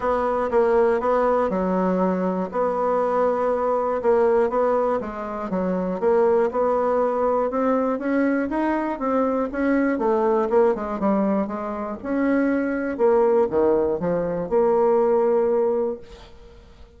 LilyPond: \new Staff \with { instrumentName = "bassoon" } { \time 4/4 \tempo 4 = 120 b4 ais4 b4 fis4~ | fis4 b2. | ais4 b4 gis4 fis4 | ais4 b2 c'4 |
cis'4 dis'4 c'4 cis'4 | a4 ais8 gis8 g4 gis4 | cis'2 ais4 dis4 | f4 ais2. | }